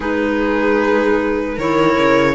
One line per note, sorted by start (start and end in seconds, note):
0.00 1.57 G#3
0.00 1.56 D#4
0.00 1.55 G#4
0.00 1.58 B4
1.55 1.97 D#3
1.55 2.34 E4
1.55 2.34 A#4
1.55 2.34 C#5
1.98 2.34 C#3